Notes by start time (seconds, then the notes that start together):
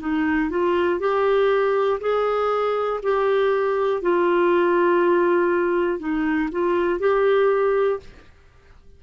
0.00 D#4
0.50 F4
1.00 G4
2.00 G#4
3.03 G4
4.02 F4
5.99 D#4
6.51 F4
7.00 G4